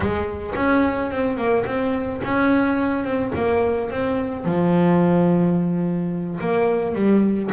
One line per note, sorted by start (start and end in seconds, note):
0.00 0.53 G#3
0.55 1.11 C#4
1.11 1.37 C4
1.37 1.65 A#3
1.65 2.21 C4
2.24 3.04 C#4
3.04 3.32 C4
3.35 3.90 A#3
3.90 4.44 C4
4.44 6.39 F3
6.40 6.94 A#3
6.94 7.50 G3